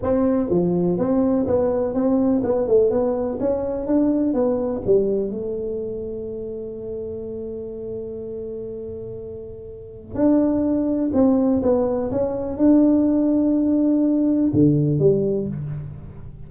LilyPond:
\new Staff \with { instrumentName = "tuba" } { \time 4/4 \tempo 4 = 124 c'4 f4 c'4 b4 | c'4 b8 a8 b4 cis'4 | d'4 b4 g4 a4~ | a1~ |
a1~ | a4 d'2 c'4 | b4 cis'4 d'2~ | d'2 d4 g4 | }